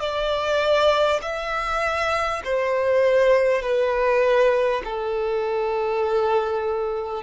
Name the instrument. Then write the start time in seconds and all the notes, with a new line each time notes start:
violin
0.00 D5
1.22 E5
2.45 C5
3.62 B4
4.85 A4